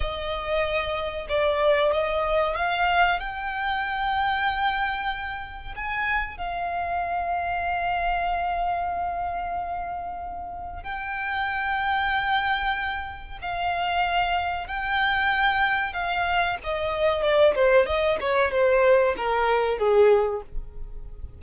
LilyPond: \new Staff \with { instrumentName = "violin" } { \time 4/4 \tempo 4 = 94 dis''2 d''4 dis''4 | f''4 g''2.~ | g''4 gis''4 f''2~ | f''1~ |
f''4 g''2.~ | g''4 f''2 g''4~ | g''4 f''4 dis''4 d''8 c''8 | dis''8 cis''8 c''4 ais'4 gis'4 | }